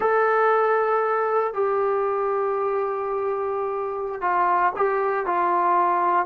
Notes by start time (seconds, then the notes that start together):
0.00 A4
1.53 G4
4.21 F4
4.76 G4
5.26 F4